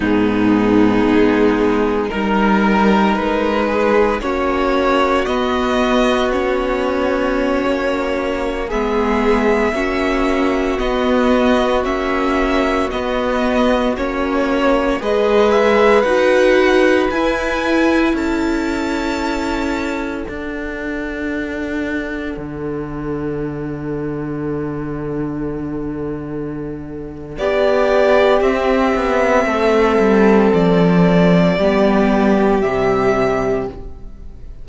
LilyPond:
<<
  \new Staff \with { instrumentName = "violin" } { \time 4/4 \tempo 4 = 57 gis'2 ais'4 b'4 | cis''4 dis''4 cis''2~ | cis''16 e''2 dis''4 e''8.~ | e''16 dis''4 cis''4 dis''8 e''8 fis''8.~ |
fis''16 gis''4 a''2 fis''8.~ | fis''1~ | fis''2 d''4 e''4~ | e''4 d''2 e''4 | }
  \new Staff \with { instrumentName = "violin" } { \time 4/4 dis'2 ais'4. gis'8 | fis'1~ | fis'16 gis'4 fis'2~ fis'8.~ | fis'2~ fis'16 b'4.~ b'16~ |
b'4~ b'16 a'2~ a'8.~ | a'1~ | a'2 g'2 | a'2 g'2 | }
  \new Staff \with { instrumentName = "viola" } { \time 4/4 b2 dis'2 | cis'4 b4 cis'2~ | cis'16 b4 cis'4 b4 cis'8.~ | cis'16 b4 cis'4 gis'4 fis'8.~ |
fis'16 e'2. d'8.~ | d'1~ | d'2. c'4~ | c'2 b4 g4 | }
  \new Staff \with { instrumentName = "cello" } { \time 4/4 gis,4 gis4 g4 gis4 | ais4 b2~ b16 ais8.~ | ais16 gis4 ais4 b4 ais8.~ | ais16 b4 ais4 gis4 dis'8.~ |
dis'16 e'4 cis'2 d'8.~ | d'4~ d'16 d2~ d8.~ | d2 b4 c'8 b8 | a8 g8 f4 g4 c4 | }
>>